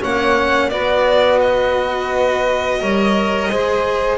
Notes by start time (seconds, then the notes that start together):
0.00 A#3 C#4 C#5 F#5
0.69 B3 F#4 B4 D5
1.40 D#5
2.80 G3 A#4 C#5
3.50 G#3 G#4 C5